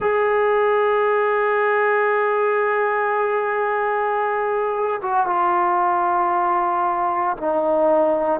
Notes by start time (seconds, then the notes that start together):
0.00 G#4
5.01 F#4
5.26 F4
7.37 D#4